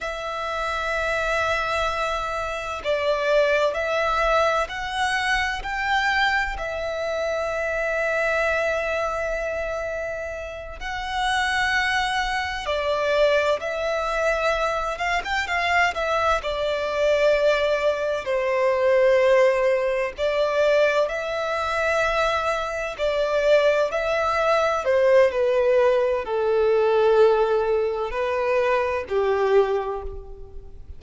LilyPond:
\new Staff \with { instrumentName = "violin" } { \time 4/4 \tempo 4 = 64 e''2. d''4 | e''4 fis''4 g''4 e''4~ | e''2.~ e''8 fis''8~ | fis''4. d''4 e''4. |
f''16 g''16 f''8 e''8 d''2 c''8~ | c''4. d''4 e''4.~ | e''8 d''4 e''4 c''8 b'4 | a'2 b'4 g'4 | }